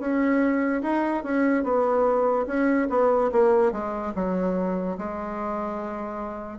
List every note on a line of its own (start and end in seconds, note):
0.00 0.82 C#4
0.83 1.24 D#4
1.24 1.64 C#4
1.64 2.46 B3
2.47 2.88 C#4
2.90 3.31 B3
3.33 3.72 A#3
3.72 4.13 G#3
4.15 4.98 F#3
4.98 6.59 G#3